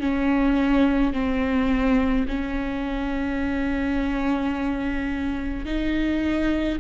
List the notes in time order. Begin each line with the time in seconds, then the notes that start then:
0.00 C#4
1.13 C4
2.27 C#4
5.66 D#4